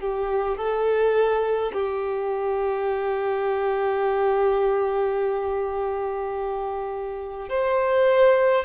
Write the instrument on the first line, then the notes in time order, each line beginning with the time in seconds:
violin
0.00 G4
0.57 A4
1.73 G4
7.49 C5